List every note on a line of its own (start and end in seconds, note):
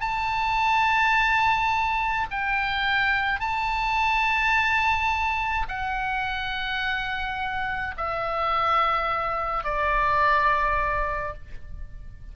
0.00 2.26 A5
2.31 3.40 G5
3.40 5.66 A5
5.68 7.95 F#5
7.97 9.64 E5
9.64 11.34 D5